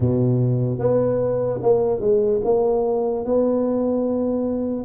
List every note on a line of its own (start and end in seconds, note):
0.00 0.79 B2
0.79 1.60 B3
1.62 2.00 A#3
2.00 2.41 G#3
2.44 3.25 A#3
3.25 4.84 B3